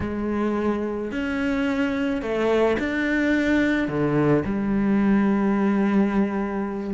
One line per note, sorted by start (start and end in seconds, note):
0.00 1.11 G#3
1.11 2.21 C#4
2.21 2.77 A3
2.79 3.87 D4
3.87 4.43 D3
4.45 6.93 G3